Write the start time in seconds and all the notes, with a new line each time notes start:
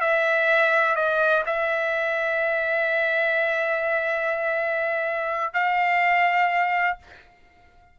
0.00 E5
0.95 D#5
1.45 E5
5.53 F5